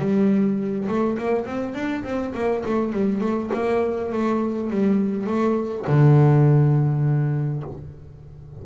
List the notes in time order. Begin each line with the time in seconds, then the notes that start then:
0.00 G3
0.89 A3
1.18 A#3
1.46 C4
1.74 D4
2.04 C4
2.35 A#3
2.66 A3
2.93 G3
3.21 A3
3.54 A#3
4.13 A3
4.70 G3
5.27 A3
5.87 D3